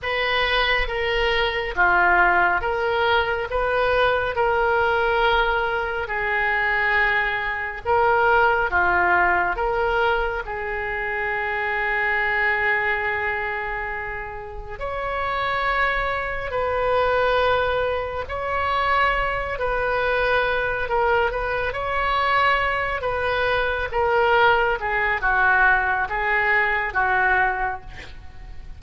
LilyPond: \new Staff \with { instrumentName = "oboe" } { \time 4/4 \tempo 4 = 69 b'4 ais'4 f'4 ais'4 | b'4 ais'2 gis'4~ | gis'4 ais'4 f'4 ais'4 | gis'1~ |
gis'4 cis''2 b'4~ | b'4 cis''4. b'4. | ais'8 b'8 cis''4. b'4 ais'8~ | ais'8 gis'8 fis'4 gis'4 fis'4 | }